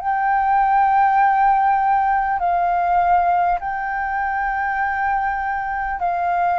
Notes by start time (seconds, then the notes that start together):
0.00 G5
2.39 F5
3.61 G5
5.99 F5